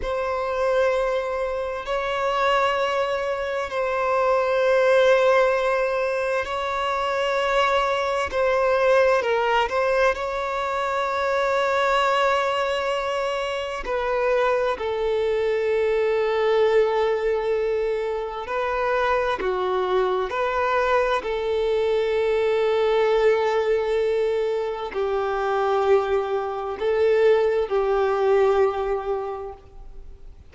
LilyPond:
\new Staff \with { instrumentName = "violin" } { \time 4/4 \tempo 4 = 65 c''2 cis''2 | c''2. cis''4~ | cis''4 c''4 ais'8 c''8 cis''4~ | cis''2. b'4 |
a'1 | b'4 fis'4 b'4 a'4~ | a'2. g'4~ | g'4 a'4 g'2 | }